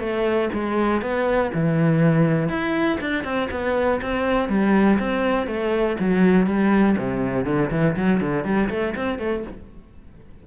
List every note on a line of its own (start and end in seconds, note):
0.00 0.50 A3
0.53 1.02 G#3
1.02 1.51 B3
1.54 2.49 E3
2.49 2.99 E4
3.01 3.24 D4
3.24 3.49 C4
3.51 4.01 B3
4.02 4.49 C4
4.49 4.99 G3
5.00 5.47 C4
5.47 5.97 A3
6.00 6.47 F#3
6.47 6.96 G3
6.98 7.45 C3
7.45 7.70 D3
7.71 7.96 E3
7.97 8.21 F#3
8.21 8.45 D3
8.45 8.70 G3
8.70 8.95 A3
8.96 9.19 C4
9.19 9.44 A3